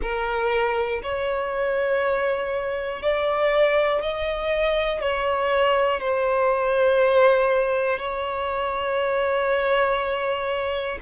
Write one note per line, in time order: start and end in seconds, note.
0.02 1.02 A#4
1.02 3.02 C#5
3.02 4.02 D5
4.02 5.00 D#5
5.00 6.00 C#5
6.00 7.99 C5
7.99 10.99 C#5